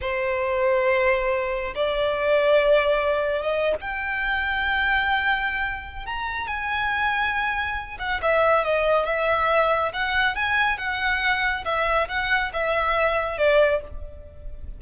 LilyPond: \new Staff \with { instrumentName = "violin" } { \time 4/4 \tempo 4 = 139 c''1 | d''1 | dis''8. g''2.~ g''16~ | g''2 ais''4 gis''4~ |
gis''2~ gis''8 fis''8 e''4 | dis''4 e''2 fis''4 | gis''4 fis''2 e''4 | fis''4 e''2 d''4 | }